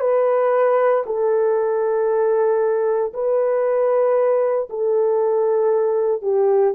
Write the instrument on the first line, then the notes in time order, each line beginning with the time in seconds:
horn
0.00 B4
1.06 A4
3.14 B4
4.69 A4
6.22 G4